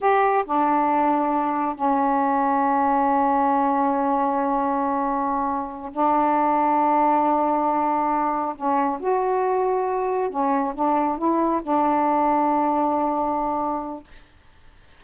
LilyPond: \new Staff \with { instrumentName = "saxophone" } { \time 4/4 \tempo 4 = 137 g'4 d'2. | cis'1~ | cis'1~ | cis'4. d'2~ d'8~ |
d'2.~ d'8 cis'8~ | cis'8 fis'2. cis'8~ | cis'8 d'4 e'4 d'4.~ | d'1 | }